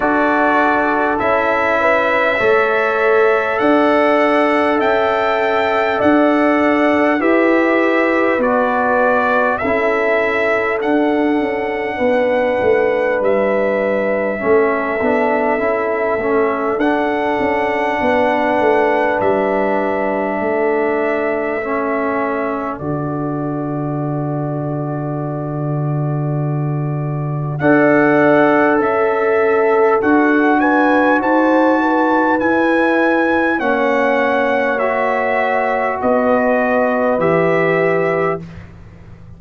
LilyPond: <<
  \new Staff \with { instrumentName = "trumpet" } { \time 4/4 \tempo 4 = 50 d''4 e''2 fis''4 | g''4 fis''4 e''4 d''4 | e''4 fis''2 e''4~ | e''2 fis''2 |
e''2. d''4~ | d''2. fis''4 | e''4 fis''8 gis''8 a''4 gis''4 | fis''4 e''4 dis''4 e''4 | }
  \new Staff \with { instrumentName = "horn" } { \time 4/4 a'4. b'8 cis''4 d''4 | e''4 d''4 b'2 | a'2 b'2 | a'2. b'4~ |
b'4 a'2.~ | a'2. d''4 | a'4. b'8 c''8 b'4. | cis''2 b'2 | }
  \new Staff \with { instrumentName = "trombone" } { \time 4/4 fis'4 e'4 a'2~ | a'2 g'4 fis'4 | e'4 d'2. | cis'8 d'8 e'8 cis'8 d'2~ |
d'2 cis'4 fis'4~ | fis'2. a'4~ | a'4 fis'2 e'4 | cis'4 fis'2 g'4 | }
  \new Staff \with { instrumentName = "tuba" } { \time 4/4 d'4 cis'4 a4 d'4 | cis'4 d'4 e'4 b4 | cis'4 d'8 cis'8 b8 a8 g4 | a8 b8 cis'8 a8 d'8 cis'8 b8 a8 |
g4 a2 d4~ | d2. d'4 | cis'4 d'4 dis'4 e'4 | ais2 b4 e4 | }
>>